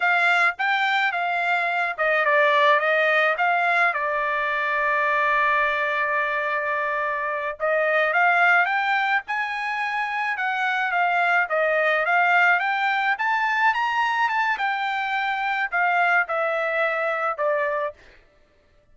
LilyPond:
\new Staff \with { instrumentName = "trumpet" } { \time 4/4 \tempo 4 = 107 f''4 g''4 f''4. dis''8 | d''4 dis''4 f''4 d''4~ | d''1~ | d''4. dis''4 f''4 g''8~ |
g''8 gis''2 fis''4 f''8~ | f''8 dis''4 f''4 g''4 a''8~ | a''8 ais''4 a''8 g''2 | f''4 e''2 d''4 | }